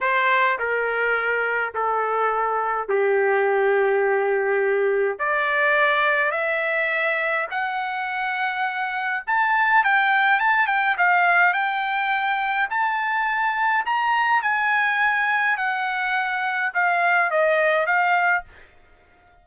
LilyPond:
\new Staff \with { instrumentName = "trumpet" } { \time 4/4 \tempo 4 = 104 c''4 ais'2 a'4~ | a'4 g'2.~ | g'4 d''2 e''4~ | e''4 fis''2. |
a''4 g''4 a''8 g''8 f''4 | g''2 a''2 | ais''4 gis''2 fis''4~ | fis''4 f''4 dis''4 f''4 | }